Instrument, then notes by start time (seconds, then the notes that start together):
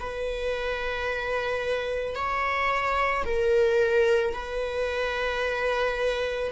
viola
0.00 B4
2.16 C#5
3.25 A#4
4.34 B4